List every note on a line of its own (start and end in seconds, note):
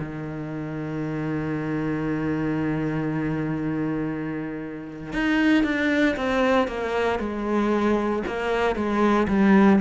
0.00 5.13 D#3
5.13 5.64 D#4
5.64 6.16 D4
6.17 6.68 C4
6.68 7.20 A#3
7.20 8.23 G#3
8.28 8.76 A#3
8.76 9.28 G#3
9.29 9.80 G3